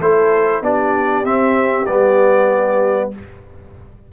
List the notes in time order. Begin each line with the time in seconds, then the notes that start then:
0.00 A3 E4 A4 C5
0.62 B3 D4 G4 D5
1.24 C4 E5
1.86 G3 B3 D5